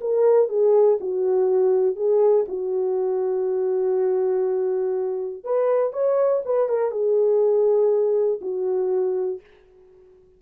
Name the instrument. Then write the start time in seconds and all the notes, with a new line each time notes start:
horn
0.00 A#4
0.48 G#4
1.00 F#4
1.96 G#4
2.47 F#4
5.44 B4
5.92 C#5
6.45 B4
6.69 A#4
6.91 G#4
8.41 F#4